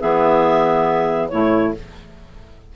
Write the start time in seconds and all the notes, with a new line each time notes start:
0.00 E3 B3 G#4 E5
1.28 A2 A3 E4 C#5